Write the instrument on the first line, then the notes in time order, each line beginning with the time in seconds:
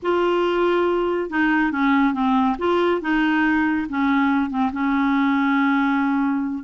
clarinet
0.02 F4
1.30 D#4
1.71 C#4
2.13 C4
2.58 F4
3.01 D#4
3.89 C#4
4.50 C4
4.72 C#4